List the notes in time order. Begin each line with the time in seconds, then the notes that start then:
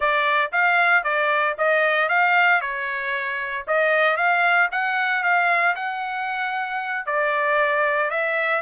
0.00 D5
0.52 F5
1.03 D5
1.58 D#5
2.08 F5
2.61 C#5
3.67 D#5
4.16 F5
4.71 F#5
5.23 F5
5.75 F#5
7.06 D5
8.10 E5